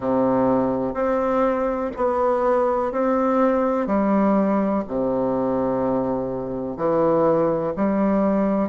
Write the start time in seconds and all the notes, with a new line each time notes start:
0.00 C3
0.94 C4
1.96 B3
2.92 C4
3.87 G3
4.87 C3
6.76 E3
7.76 G3